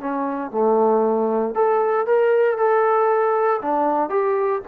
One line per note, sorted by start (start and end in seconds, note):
0.00 0.51 C#4
0.51 1.55 A3
1.55 2.06 A4
2.06 2.58 A#4
2.58 3.61 A4
3.62 4.10 D4
4.10 4.62 G4